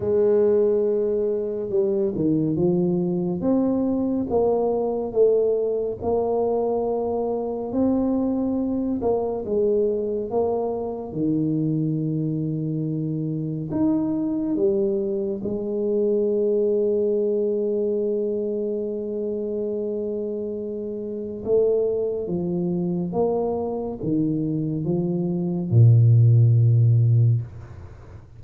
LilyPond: \new Staff \with { instrumentName = "tuba" } { \time 4/4 \tempo 4 = 70 gis2 g8 dis8 f4 | c'4 ais4 a4 ais4~ | ais4 c'4. ais8 gis4 | ais4 dis2. |
dis'4 g4 gis2~ | gis1~ | gis4 a4 f4 ais4 | dis4 f4 ais,2 | }